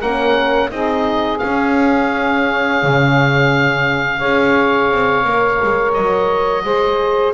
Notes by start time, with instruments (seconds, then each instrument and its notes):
0.00 double bass A#3, horn C#4, saxophone A#4, oboe F#5
0.70 double bass C4, horn D#4, saxophone G#4, oboe D#5
1.39 horn C#4, double bass C#4, oboe F5
2.83 double bass C#3
4.19 double bass C#4, horn G#4, saxophone C#5
4.91 double bass C4
5.24 double bass A#3, horn A#4
5.63 double bass G#3
5.94 double bass F#3, oboe D#5
6.64 double bass G#3, horn G#4, saxophone C5